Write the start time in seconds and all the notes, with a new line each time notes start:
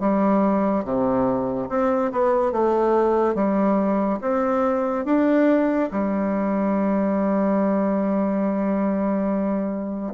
0.00 G3
0.84 C3
1.69 C4
2.12 B3
2.52 A3
3.35 G3
4.21 C4
5.06 D4
5.91 G3